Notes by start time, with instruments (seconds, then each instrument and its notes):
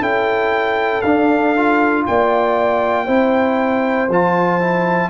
0.00 tuba C#4, trombone E4, horn A4, trumpet G5
1.02 tuba D4, trombone D4, trumpet F5
1.57 trombone F4
2.07 tuba A#3, horn D5, trumpet G5
3.06 tuba C4, trombone E4, horn C5
4.09 tuba F3, trombone F4, trumpet A5
4.60 trombone E4